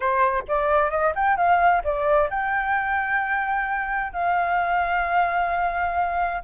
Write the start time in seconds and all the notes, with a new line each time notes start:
0.00 C5
0.48 D5
0.90 D#5
1.15 G5
1.36 F5
1.84 D5
2.30 G5
4.12 F5